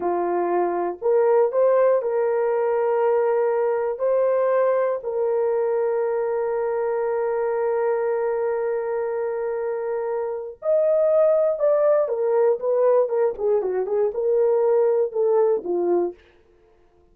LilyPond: \new Staff \with { instrumentName = "horn" } { \time 4/4 \tempo 4 = 119 f'2 ais'4 c''4 | ais'1 | c''2 ais'2~ | ais'1~ |
ais'1~ | ais'4 dis''2 d''4 | ais'4 b'4 ais'8 gis'8 fis'8 gis'8 | ais'2 a'4 f'4 | }